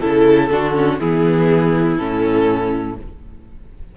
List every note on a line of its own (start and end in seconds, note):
0.00 0.50 C#3
0.00 0.49 E4
0.00 0.49 A4
0.00 0.98 A4
0.50 0.99 D3
0.50 0.74 D4
0.50 1.00 F#4
0.74 0.98 C#4
0.98 1.98 E3
0.98 1.98 B3
0.98 2.95 E4
0.98 1.97 G#4
1.97 2.97 A2
1.97 2.97 C#4
1.97 2.95 A4